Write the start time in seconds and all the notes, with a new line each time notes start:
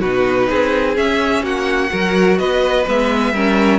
0.00 B2 D#4 F#4 B4
0.49 C4 G#4
0.95 C#4 E5
1.43 A#3 F#4 F#5
1.89 F#3 F#4 A#4
2.38 B3 B4 D#5
2.86 G#3 B3 E5
3.32 G3 C#4 A#4